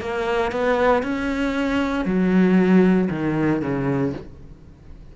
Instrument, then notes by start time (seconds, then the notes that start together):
cello
0.00 A#3
0.51 B3
1.02 C#4
2.05 F#3
3.09 D#3
3.61 C#3